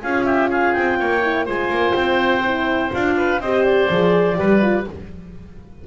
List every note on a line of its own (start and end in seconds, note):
0.00 0.75 C#4
0.00 1.21 F4
0.00 0.24 G#4
0.00 0.24 F5
0.24 0.49 G4
0.24 0.48 E5
0.49 0.98 G#4
0.49 0.73 F5
0.73 1.00 C4
0.73 1.45 G5
0.99 1.47 A#3
0.99 1.45 C#5
1.21 1.45 E4
1.45 1.69 G#3
1.45 2.42 F4
1.45 3.15 C5
1.45 1.94 G#5
1.69 1.94 A#3
1.94 2.91 C4
1.94 2.90 G5
2.44 2.92 E4
2.92 3.39 D4
2.92 3.40 F4
2.92 3.40 F5
3.17 3.41 B4
3.39 3.87 C4
3.39 3.90 G4
3.39 4.37 C5
3.39 3.64 D#5
3.64 4.85 D5
3.89 4.38 F3
3.89 4.35 G#4
4.35 4.87 G3
4.35 4.59 G4
4.35 4.87 B4
4.61 4.86 F4